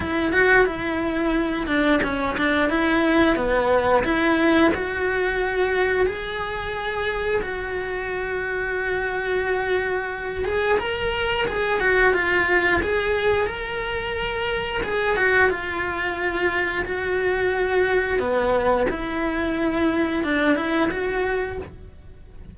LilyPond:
\new Staff \with { instrumentName = "cello" } { \time 4/4 \tempo 4 = 89 e'8 fis'8 e'4. d'8 cis'8 d'8 | e'4 b4 e'4 fis'4~ | fis'4 gis'2 fis'4~ | fis'2.~ fis'8 gis'8 |
ais'4 gis'8 fis'8 f'4 gis'4 | ais'2 gis'8 fis'8 f'4~ | f'4 fis'2 b4 | e'2 d'8 e'8 fis'4 | }